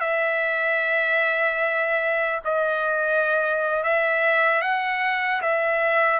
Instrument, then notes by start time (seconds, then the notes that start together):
trumpet
0.00 E5
2.44 D#5
3.83 E5
4.61 F#5
5.41 E5